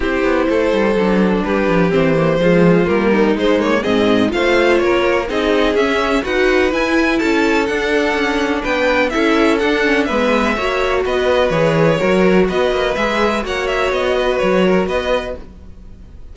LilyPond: <<
  \new Staff \with { instrumentName = "violin" } { \time 4/4 \tempo 4 = 125 c''2. b'4 | c''2 ais'4 c''8 cis''8 | dis''4 f''4 cis''4 dis''4 | e''4 fis''4 gis''4 a''4 |
fis''2 g''4 e''4 | fis''4 e''2 dis''4 | cis''2 dis''4 e''4 | fis''8 e''8 dis''4 cis''4 dis''4 | }
  \new Staff \with { instrumentName = "violin" } { \time 4/4 g'4 a'2 g'4~ | g'4 f'4. dis'4. | gis'4 c''4 ais'4 gis'4~ | gis'4 b'2 a'4~ |
a'2 b'4 a'4~ | a'4 b'4 cis''4 b'4~ | b'4 ais'4 b'2 | cis''4. b'4 ais'8 b'4 | }
  \new Staff \with { instrumentName = "viola" } { \time 4/4 e'2 d'2 | c'8 ais8 gis4 ais4 gis8 ais8 | c'4 f'2 dis'4 | cis'4 fis'4 e'2 |
d'2. e'4 | d'8 cis'8 b4 fis'2 | gis'4 fis'2 gis'4 | fis'1 | }
  \new Staff \with { instrumentName = "cello" } { \time 4/4 c'8 b8 a8 g8 fis4 g8 f8 | e4 f4 g4 gis4 | gis,4 a4 ais4 c'4 | cis'4 dis'4 e'4 cis'4 |
d'4 cis'4 b4 cis'4 | d'4 gis4 ais4 b4 | e4 fis4 b8 ais8 gis4 | ais4 b4 fis4 b4 | }
>>